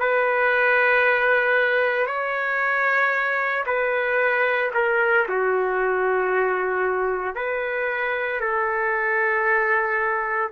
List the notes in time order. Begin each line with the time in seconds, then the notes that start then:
0.00 B4
2.07 C#5
3.67 B4
4.75 A#4
5.29 F#4
7.35 B4
8.41 A4